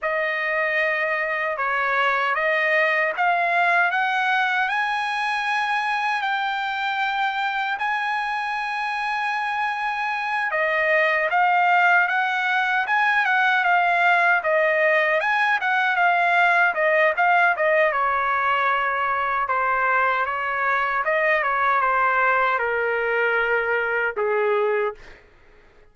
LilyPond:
\new Staff \with { instrumentName = "trumpet" } { \time 4/4 \tempo 4 = 77 dis''2 cis''4 dis''4 | f''4 fis''4 gis''2 | g''2 gis''2~ | gis''4. dis''4 f''4 fis''8~ |
fis''8 gis''8 fis''8 f''4 dis''4 gis''8 | fis''8 f''4 dis''8 f''8 dis''8 cis''4~ | cis''4 c''4 cis''4 dis''8 cis''8 | c''4 ais'2 gis'4 | }